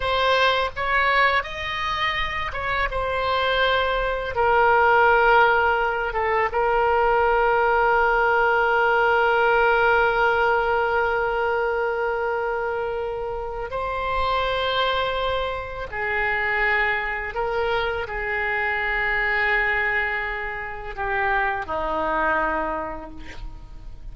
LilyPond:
\new Staff \with { instrumentName = "oboe" } { \time 4/4 \tempo 4 = 83 c''4 cis''4 dis''4. cis''8 | c''2 ais'2~ | ais'8 a'8 ais'2.~ | ais'1~ |
ais'2. c''4~ | c''2 gis'2 | ais'4 gis'2.~ | gis'4 g'4 dis'2 | }